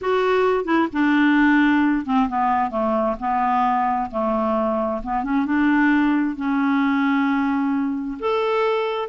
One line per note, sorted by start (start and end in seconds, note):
0.01 0.64 F#4
0.64 0.87 E4
0.92 2.05 D4
2.05 2.28 C4
2.29 2.70 B3
2.70 3.15 A3
3.19 4.10 B3
4.10 5.01 A3
5.03 5.23 B3
5.23 5.45 C#4
5.45 6.36 D4
6.36 8.17 C#4
8.19 9.08 A4